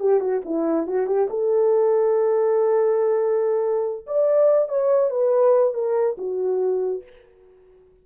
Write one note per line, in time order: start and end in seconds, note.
0.00 0.20 G4
0.20 0.41 F#4
0.45 0.87 E4
0.87 1.07 F#4
1.07 1.28 G4
1.30 4.06 A4
4.06 4.68 D5
4.68 5.10 C#5
5.10 5.74 B4
5.74 6.16 A#4
6.18 7.03 F#4